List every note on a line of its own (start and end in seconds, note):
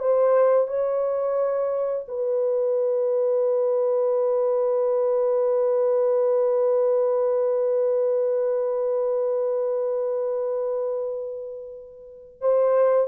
0.00 0.68 C5
0.68 2.06 C#5
2.08 12.41 B4
12.41 13.08 C5